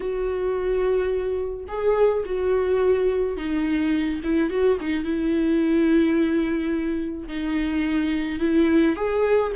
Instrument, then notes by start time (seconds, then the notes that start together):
viola
0.00 F#4
1.67 G#4
2.25 F#4
3.36 D#4
4.23 E4
4.49 F#4
4.80 D#4
5.04 E4
7.28 D#4
8.39 E4
8.96 G#4